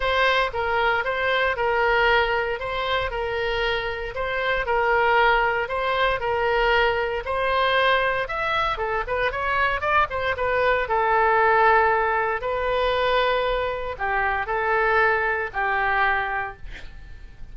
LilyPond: \new Staff \with { instrumentName = "oboe" } { \time 4/4 \tempo 4 = 116 c''4 ais'4 c''4 ais'4~ | ais'4 c''4 ais'2 | c''4 ais'2 c''4 | ais'2 c''2 |
e''4 a'8 b'8 cis''4 d''8 c''8 | b'4 a'2. | b'2. g'4 | a'2 g'2 | }